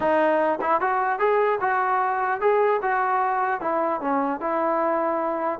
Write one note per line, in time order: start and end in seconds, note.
0.00 0.59 D#4
0.61 0.80 E4
0.80 1.19 F#4
1.19 1.59 G#4
1.60 2.40 F#4
2.41 2.81 G#4
2.81 3.61 F#4
3.61 4.01 E4
4.01 4.40 C#4
4.40 5.59 E4